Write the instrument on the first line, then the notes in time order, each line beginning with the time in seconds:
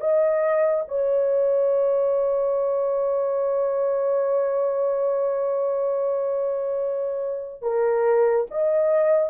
horn
0.00 D#5
0.88 C#5
7.62 A#4
8.51 D#5